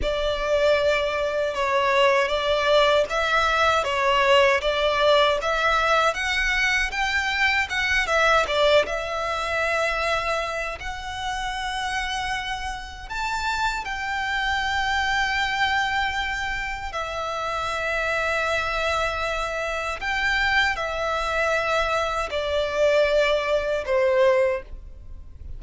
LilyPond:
\new Staff \with { instrumentName = "violin" } { \time 4/4 \tempo 4 = 78 d''2 cis''4 d''4 | e''4 cis''4 d''4 e''4 | fis''4 g''4 fis''8 e''8 d''8 e''8~ | e''2 fis''2~ |
fis''4 a''4 g''2~ | g''2 e''2~ | e''2 g''4 e''4~ | e''4 d''2 c''4 | }